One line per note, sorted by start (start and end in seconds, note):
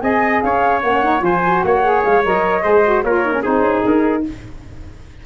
0.00 0.42 C4
0.00 0.81 G#4
0.00 0.43 D#5
0.00 0.41 G#5
0.41 0.83 C#4
0.41 1.24 C#5
0.41 0.81 F5
0.82 1.21 A#3
0.82 1.02 C#4
0.82 1.22 F#5
1.02 1.19 D#4
1.19 1.61 F3
1.19 1.39 F4
1.19 1.64 C5
1.19 1.61 G#5
1.44 1.82 F#4
1.61 2.04 A#3
1.61 2.63 C#5
1.61 2.02 F#5
1.82 2.22 G#4
2.04 2.25 G#3
2.04 2.24 F5
2.24 2.64 F#3
2.24 2.61 A#4
2.24 3.02 D#5
2.61 3.03 G#3
2.61 2.81 G#4
2.61 3.03 C5
2.84 3.04 F#4
3.02 3.44 A#3
3.02 3.24 F4
3.02 3.42 A#4
3.02 3.42 C#5
3.24 3.32 D#4
3.32 3.42 C#4
3.42 3.59 C4
3.42 4.23 D#4
3.42 4.22 G#4
3.42 3.84 C5
3.59 3.80 C#4
3.85 4.25 D#4
3.85 4.25 A#4